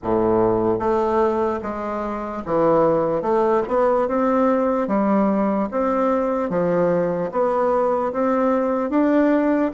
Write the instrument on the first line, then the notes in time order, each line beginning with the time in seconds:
bassoon
0.02 A2
0.79 A3
1.62 G#3
2.45 E3
3.22 A3
3.67 B3
4.08 C4
4.87 G3
5.71 C4
6.49 F3
7.31 B3
8.12 C4
8.90 D4